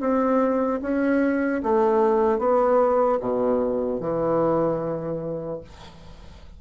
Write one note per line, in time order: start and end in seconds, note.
0.00 0.80 C4
0.81 1.61 C#4
1.63 2.39 A3
2.39 3.19 B3
3.20 4.00 B2
4.00 5.60 E3